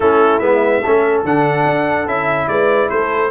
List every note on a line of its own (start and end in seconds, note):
0.00 0.40 A3
0.00 0.41 C#4
0.00 0.82 E4
0.00 0.39 A4
0.39 0.81 G#3
0.39 0.82 B3
0.39 1.21 E5
0.82 1.23 A3
0.82 1.25 C#4
0.82 2.47 A4
1.23 1.65 D3
1.23 2.07 D4
1.23 2.07 F#5
1.65 2.06 D4
2.06 2.47 C#4
2.06 3.30 E4
2.06 2.47 E5
2.47 2.89 G#3
2.47 2.92 B4
2.47 2.89 D5
2.89 3.30 A3
2.89 3.30 A4
2.89 3.30 C5